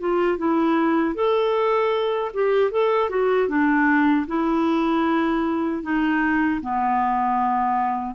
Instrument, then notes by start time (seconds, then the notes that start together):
clarinet
0.00 F4
0.38 E4
1.14 A4
2.33 G4
2.71 A4
3.09 F#4
3.48 D4
4.27 E4
5.83 D#4
6.61 B3